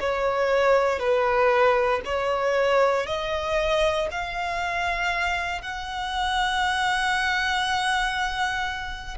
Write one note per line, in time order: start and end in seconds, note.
0.00 0.99 C#5
0.99 2.01 B4
2.05 3.06 C#5
3.06 4.08 D#5
4.11 5.62 F5
5.62 9.18 F#5